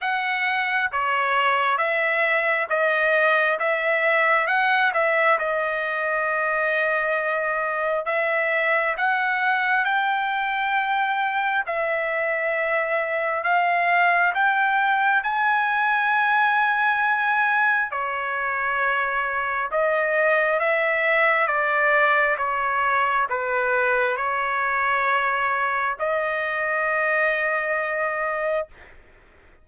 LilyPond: \new Staff \with { instrumentName = "trumpet" } { \time 4/4 \tempo 4 = 67 fis''4 cis''4 e''4 dis''4 | e''4 fis''8 e''8 dis''2~ | dis''4 e''4 fis''4 g''4~ | g''4 e''2 f''4 |
g''4 gis''2. | cis''2 dis''4 e''4 | d''4 cis''4 b'4 cis''4~ | cis''4 dis''2. | }